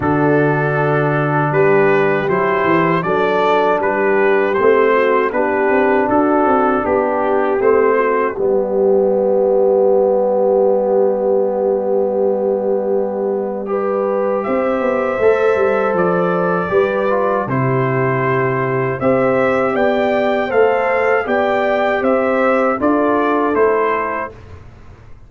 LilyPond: <<
  \new Staff \with { instrumentName = "trumpet" } { \time 4/4 \tempo 4 = 79 a'2 b'4 c''4 | d''4 b'4 c''4 b'4 | a'4 g'4 c''4 d''4~ | d''1~ |
d''2. e''4~ | e''4 d''2 c''4~ | c''4 e''4 g''4 f''4 | g''4 e''4 d''4 c''4 | }
  \new Staff \with { instrumentName = "horn" } { \time 4/4 fis'2 g'2 | a'4 g'4. fis'8 g'4 | fis'4 g'4. fis'8 g'4~ | g'1~ |
g'2 b'4 c''4~ | c''2 b'4 g'4~ | g'4 c''4 d''4 c''4 | d''4 c''4 a'2 | }
  \new Staff \with { instrumentName = "trombone" } { \time 4/4 d'2. e'4 | d'2 c'4 d'4~ | d'2 c'4 b4~ | b1~ |
b2 g'2 | a'2 g'8 f'8 e'4~ | e'4 g'2 a'4 | g'2 f'4 e'4 | }
  \new Staff \with { instrumentName = "tuba" } { \time 4/4 d2 g4 fis8 e8 | fis4 g4 a4 b8 c'8 | d'8 c'8 b4 a4 g4~ | g1~ |
g2. c'8 b8 | a8 g8 f4 g4 c4~ | c4 c'4 b4 a4 | b4 c'4 d'4 a4 | }
>>